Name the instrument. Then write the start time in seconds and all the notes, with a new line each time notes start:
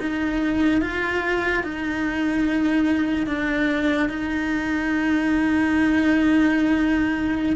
cello
0.00 D#4
0.81 F4
1.64 D#4
3.27 D4
4.09 D#4